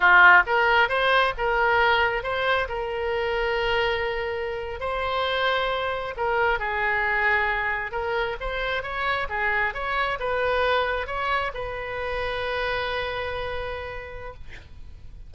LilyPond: \new Staff \with { instrumentName = "oboe" } { \time 4/4 \tempo 4 = 134 f'4 ais'4 c''4 ais'4~ | ais'4 c''4 ais'2~ | ais'2~ ais'8. c''4~ c''16~ | c''4.~ c''16 ais'4 gis'4~ gis'16~ |
gis'4.~ gis'16 ais'4 c''4 cis''16~ | cis''8. gis'4 cis''4 b'4~ b'16~ | b'8. cis''4 b'2~ b'16~ | b'1 | }